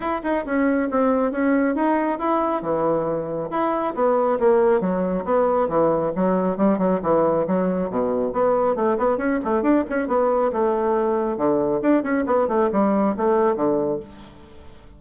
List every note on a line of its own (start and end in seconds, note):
0.00 0.21 E4
0.23 0.45 D#4
0.45 0.89 C#4
0.90 1.31 C4
1.31 1.75 C#4
1.75 2.18 D#4
2.18 2.62 E4
2.62 3.49 E3
3.50 3.94 E4
3.95 4.38 B3
4.39 4.80 A#3
4.80 5.24 F#3
5.25 5.68 B3
5.68 6.12 E3
6.15 6.57 F#3
6.57 6.78 G3
6.78 7.00 F#3
7.02 7.46 E3
7.47 7.90 F#3
7.90 8.32 B2
8.32 8.75 B3
8.75 8.97 A3
8.98 9.17 B3
9.17 9.39 C#4
9.44 9.62 A3
9.62 9.84 D4
9.89 10.07 C#4
10.07 10.51 B3
10.52 11.37 A3
11.37 11.81 D3
11.82 12.03 D4
12.03 12.24 C#4
12.26 12.48 B3
12.48 12.69 A3
12.72 13.15 G3
13.16 13.55 A3
13.55 13.99 D3